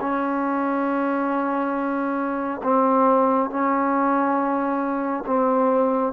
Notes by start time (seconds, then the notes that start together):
0.00 C#4
2.63 C4
3.50 C#4
5.26 C4